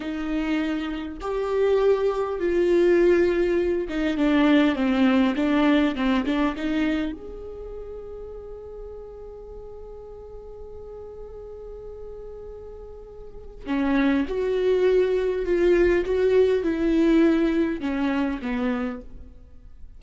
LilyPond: \new Staff \with { instrumentName = "viola" } { \time 4/4 \tempo 4 = 101 dis'2 g'2 | f'2~ f'8 dis'8 d'4 | c'4 d'4 c'8 d'8 dis'4 | gis'1~ |
gis'1~ | gis'2. cis'4 | fis'2 f'4 fis'4 | e'2 cis'4 b4 | }